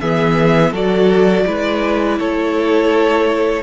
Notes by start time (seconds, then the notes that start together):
0.00 E3 B3 G#4 E5
0.72 F#3 F#4 A4 D5
1.46 G#3 E4 B4
2.18 A3 A4 C#5